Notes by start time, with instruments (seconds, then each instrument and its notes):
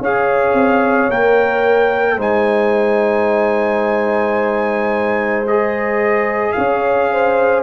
0.00 tuba C#4, trombone G#4, horn C#5, trumpet F5
0.54 tuba C4
1.10 tuba A#3, trombone A#4, trumpet G5
2.17 tuba G#3, trombone D#4, horn C5, trumpet G#5
5.48 trombone G#4, trumpet D#5
6.52 tuba C#4, horn C#5, trumpet F5
7.12 horn C5